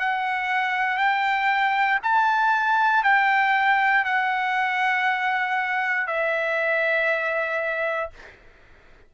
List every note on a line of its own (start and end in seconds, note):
0.00 0.98 F#5
0.98 1.99 G5
2.03 3.04 A5
3.04 4.05 G5
4.05 6.07 F#5
6.07 8.11 E5